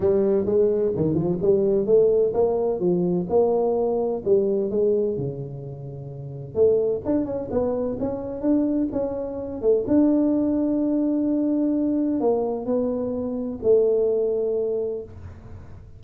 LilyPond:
\new Staff \with { instrumentName = "tuba" } { \time 4/4 \tempo 4 = 128 g4 gis4 dis8 f8 g4 | a4 ais4 f4 ais4~ | ais4 g4 gis4 cis4~ | cis2 a4 d'8 cis'8 |
b4 cis'4 d'4 cis'4~ | cis'8 a8 d'2.~ | d'2 ais4 b4~ | b4 a2. | }